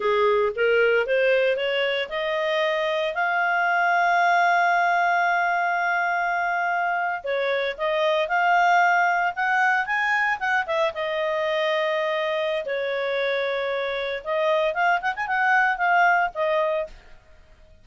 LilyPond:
\new Staff \with { instrumentName = "clarinet" } { \time 4/4 \tempo 4 = 114 gis'4 ais'4 c''4 cis''4 | dis''2 f''2~ | f''1~ | f''4.~ f''16 cis''4 dis''4 f''16~ |
f''4.~ f''16 fis''4 gis''4 fis''16~ | fis''16 e''8 dis''2.~ dis''16 | cis''2. dis''4 | f''8 fis''16 gis''16 fis''4 f''4 dis''4 | }